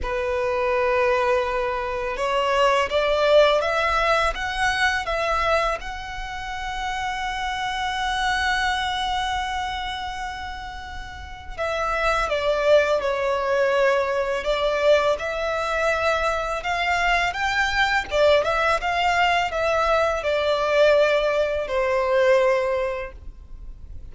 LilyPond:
\new Staff \with { instrumentName = "violin" } { \time 4/4 \tempo 4 = 83 b'2. cis''4 | d''4 e''4 fis''4 e''4 | fis''1~ | fis''1 |
e''4 d''4 cis''2 | d''4 e''2 f''4 | g''4 d''8 e''8 f''4 e''4 | d''2 c''2 | }